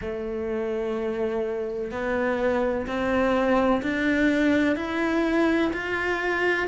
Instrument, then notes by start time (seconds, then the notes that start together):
cello
0.01 A3
1.91 B3
2.87 C4
3.82 D4
4.76 E4
5.73 F4